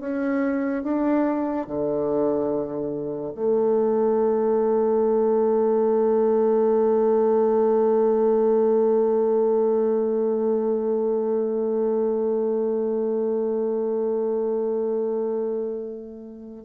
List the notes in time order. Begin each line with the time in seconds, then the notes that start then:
0.00 C#4
0.83 D4
1.67 D3
3.34 A3